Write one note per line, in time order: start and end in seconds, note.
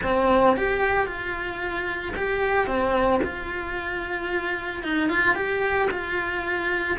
0.03 0.56 C4
0.56 1.07 G4
1.07 2.14 F4
2.16 2.66 G4
2.66 3.20 C4
3.23 4.83 F4
4.83 5.09 D#4
5.09 5.35 F4
5.35 5.88 G4
5.91 6.98 F4